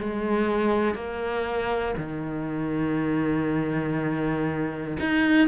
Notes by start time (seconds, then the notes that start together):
0.00 G#3
0.95 A#3
1.98 D#3
5.00 D#4